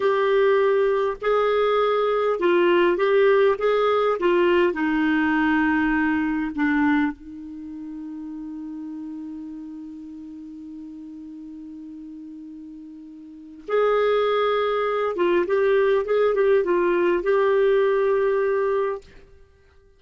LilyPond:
\new Staff \with { instrumentName = "clarinet" } { \time 4/4 \tempo 4 = 101 g'2 gis'2 | f'4 g'4 gis'4 f'4 | dis'2. d'4 | dis'1~ |
dis'1~ | dis'2. gis'4~ | gis'4. f'8 g'4 gis'8 g'8 | f'4 g'2. | }